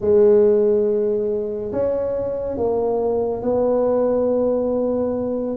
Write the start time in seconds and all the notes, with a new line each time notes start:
0.00 G#3
1.71 C#4
2.57 A#3
3.42 B3